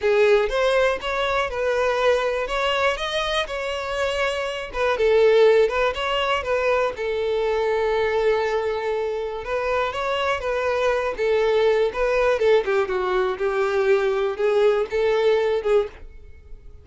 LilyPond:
\new Staff \with { instrumentName = "violin" } { \time 4/4 \tempo 4 = 121 gis'4 c''4 cis''4 b'4~ | b'4 cis''4 dis''4 cis''4~ | cis''4. b'8 a'4. b'8 | cis''4 b'4 a'2~ |
a'2. b'4 | cis''4 b'4. a'4. | b'4 a'8 g'8 fis'4 g'4~ | g'4 gis'4 a'4. gis'8 | }